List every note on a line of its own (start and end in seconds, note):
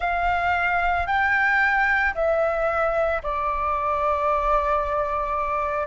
0.00 1.06 F5
1.06 2.13 G5
2.14 3.21 E5
3.22 5.87 D5